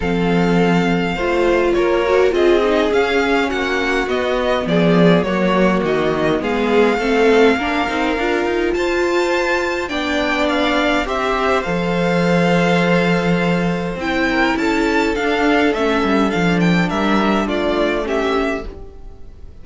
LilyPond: <<
  \new Staff \with { instrumentName = "violin" } { \time 4/4 \tempo 4 = 103 f''2. cis''4 | dis''4 f''4 fis''4 dis''4 | d''4 cis''4 dis''4 f''4~ | f''2. a''4~ |
a''4 g''4 f''4 e''4 | f''1 | g''4 a''4 f''4 e''4 | f''8 g''8 e''4 d''4 e''4 | }
  \new Staff \with { instrumentName = "violin" } { \time 4/4 a'2 c''4 ais'4 | gis'2 fis'2 | gis'4 fis'2 gis'4 | a'4 ais'2 c''4~ |
c''4 d''2 c''4~ | c''1~ | c''8 ais'8 a'2.~ | a'4 ais'4 f'4 g'4 | }
  \new Staff \with { instrumentName = "viola" } { \time 4/4 c'2 f'4. fis'8 | f'8 dis'8 cis'2 b4~ | b4 ais2 b4 | c'4 d'8 dis'8 f'2~ |
f'4 d'2 g'4 | a'1 | e'2 d'4 cis'4 | d'2. cis'4 | }
  \new Staff \with { instrumentName = "cello" } { \time 4/4 f2 a4 ais4 | c'4 cis'4 ais4 b4 | f4 fis4 dis4 gis4 | a4 ais8 c'8 d'8 dis'8 f'4~ |
f'4 b2 c'4 | f1 | c'4 cis'4 d'4 a8 g8 | f4 g4 a2 | }
>>